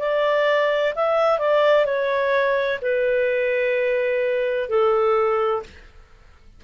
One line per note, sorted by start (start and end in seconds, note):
0.00 0.94 D5
0.95 1.39 E5
1.39 1.85 D5
1.85 2.79 C#5
2.82 4.69 B4
4.69 5.63 A4